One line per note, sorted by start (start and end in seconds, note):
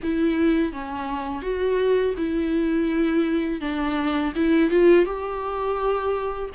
0.03 0.72 E4
0.72 1.42 C#4
1.42 2.14 F#4
2.17 3.60 E4
3.60 4.32 D4
4.35 4.70 E4
4.70 5.05 F4
5.05 6.49 G4